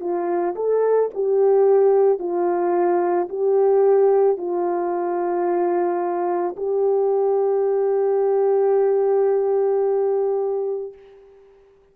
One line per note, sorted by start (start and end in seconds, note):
0.00 0.55 F4
0.55 1.10 A4
1.14 2.19 G4
2.19 3.28 F4
3.29 4.37 G4
4.37 6.55 F4
6.56 10.92 G4